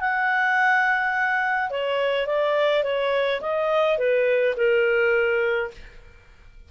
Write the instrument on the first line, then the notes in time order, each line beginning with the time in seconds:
clarinet
0.00 F#5
1.70 C#5
2.27 D5
2.83 C#5
3.41 D#5
3.98 B4
4.57 A#4